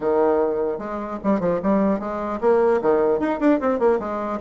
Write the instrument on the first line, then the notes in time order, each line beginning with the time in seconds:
bassoon
0.00 D#3
0.78 G#3
1.23 G3
1.40 F3
1.62 G3
1.99 G#3
2.41 A#3
2.81 D#3
3.19 D#4
3.40 D4
3.60 C4
3.79 A#3
3.99 G#3